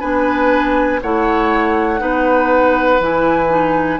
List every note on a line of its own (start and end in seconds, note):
0.00 1.02 B3
0.00 1.01 D4
0.00 1.00 B4
0.00 1.00 G#5
1.02 2.01 A3
1.02 1.99 E4
1.02 2.01 C#5
1.02 3.02 F#5
1.99 3.00 B3
1.99 2.99 D#4
1.99 4.00 B4
3.00 4.00 E3
3.00 3.49 E4
3.00 4.00 G#5
3.49 3.99 D#4